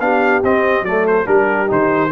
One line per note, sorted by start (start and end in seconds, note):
0.00 0.43 B3
0.00 0.42 D4
0.00 0.85 G4
0.00 0.42 F5
0.43 0.82 C4
0.43 0.86 C4
0.43 0.85 D#5
0.82 1.24 F#3
0.82 1.26 A3
0.82 1.25 A4
0.82 1.06 D5
1.07 1.27 C5
1.25 1.70 G3
1.25 1.67 D4
1.25 2.10 G4
1.25 1.69 A#4
1.67 2.12 D#3
1.67 2.09 D#4
1.67 2.12 C5